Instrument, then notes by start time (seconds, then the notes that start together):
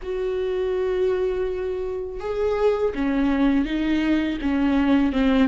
viola
0.02 F#4
2.20 G#4
2.94 C#4
3.65 D#4
4.41 C#4
5.12 C4